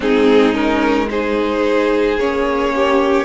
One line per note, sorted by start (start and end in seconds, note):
0.00 2.16 G#3
0.00 0.52 C4
0.00 1.08 D#4
0.00 0.54 G#4
0.52 1.06 C#4
0.52 1.08 A#4
1.09 2.18 D#4
1.09 2.74 G#4
1.09 2.19 C5
2.16 3.24 A#3
2.16 3.24 C#4
2.16 3.24 C#5
2.74 3.24 G4